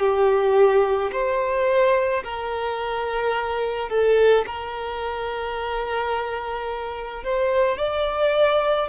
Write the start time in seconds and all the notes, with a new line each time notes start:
0.00 G4
1.13 C5
2.24 A#4
3.90 A4
4.46 A#4
7.24 C5
7.78 D5